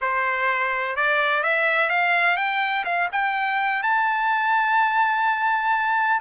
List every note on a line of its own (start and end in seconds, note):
0.01 0.95 C5
0.95 1.43 D5
1.43 1.89 E5
1.89 2.36 F5
2.36 2.84 G5
2.84 3.08 F5
3.11 3.82 G5
3.82 6.20 A5